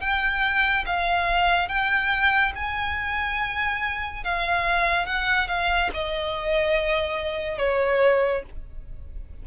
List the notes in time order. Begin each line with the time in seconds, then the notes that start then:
0.00 G5
0.86 F5
1.68 G5
2.55 G#5
4.24 F5
5.06 F#5
5.48 F5
5.93 D#5
7.58 C#5